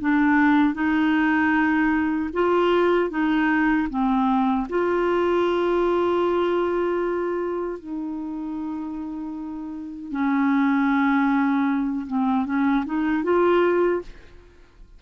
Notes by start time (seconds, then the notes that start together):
0.00 D4
0.74 D#4
2.33 F4
3.10 D#4
3.89 C4
4.69 F4
7.79 D#4
10.11 C#4
12.06 C4
12.45 C#4
12.85 D#4
13.23 F4